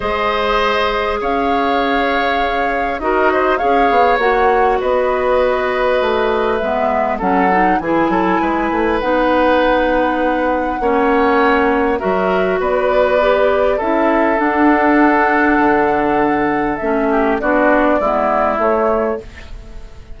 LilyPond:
<<
  \new Staff \with { instrumentName = "flute" } { \time 4/4 \tempo 4 = 100 dis''2 f''2~ | f''4 dis''4 f''4 fis''4 | dis''2. e''4 | fis''4 gis''2 fis''4~ |
fis''1 | e''4 d''2 e''4 | fis''1 | e''4 d''2 cis''4 | }
  \new Staff \with { instrumentName = "oboe" } { \time 4/4 c''2 cis''2~ | cis''4 ais'8 c''8 cis''2 | b'1 | a'4 gis'8 a'8 b'2~ |
b'2 cis''2 | ais'4 b'2 a'4~ | a'1~ | a'8 g'8 fis'4 e'2 | }
  \new Staff \with { instrumentName = "clarinet" } { \time 4/4 gis'1~ | gis'4 fis'4 gis'4 fis'4~ | fis'2. b4 | cis'8 dis'8 e'2 dis'4~ |
dis'2 cis'2 | fis'2 g'4 e'4 | d'1 | cis'4 d'4 b4 a4 | }
  \new Staff \with { instrumentName = "bassoon" } { \time 4/4 gis2 cis'2~ | cis'4 dis'4 cis'8 b8 ais4 | b2 a4 gis4 | fis4 e8 fis8 gis8 a8 b4~ |
b2 ais2 | fis4 b2 cis'4 | d'2 d2 | a4 b4 gis4 a4 | }
>>